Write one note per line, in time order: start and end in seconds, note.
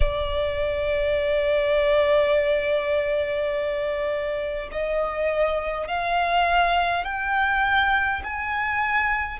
0.00 4.68 D5
4.71 5.87 D#5
5.87 7.04 F5
7.04 8.22 G5
8.24 9.39 G#5